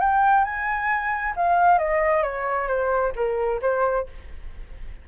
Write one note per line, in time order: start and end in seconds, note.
0.00 0.45 G5
0.45 1.34 G#5
1.36 1.78 F5
1.78 2.23 D#5
2.23 2.68 C#5
2.68 3.12 C5
3.16 3.60 A#4
3.61 4.06 C5